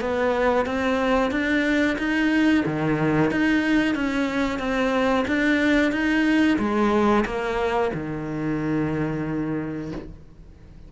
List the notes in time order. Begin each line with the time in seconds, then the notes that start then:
0.00 B3
0.66 C4
1.31 D4
1.98 D#4
2.66 D#3
3.31 D#4
3.95 C#4
4.59 C4
5.27 D4
5.92 D#4
6.58 G#3
7.25 A#3
7.94 D#3